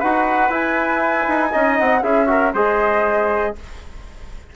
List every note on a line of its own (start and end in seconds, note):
0.00 0.50 D#4
0.00 0.51 F#4
0.00 1.51 B4
0.00 0.52 F#5
0.50 1.26 E4
0.50 1.51 E4
0.50 1.79 G#5
1.28 1.54 D#4
1.53 1.80 C#4
1.53 2.03 D#4
1.53 2.03 D#5
1.79 2.03 C4
1.79 2.03 F#5
2.03 2.53 C#4
2.03 2.27 E4
2.03 2.29 G#4
2.03 2.53 E5
2.27 2.52 F#4
2.27 2.54 A#4
2.54 3.55 G#3
2.54 3.56 G#4
2.54 3.55 C5
2.54 3.56 D#5